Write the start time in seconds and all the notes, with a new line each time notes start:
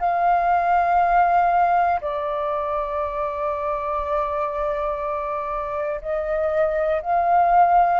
0.00 F5
2.01 D5
6.01 D#5
7.02 F5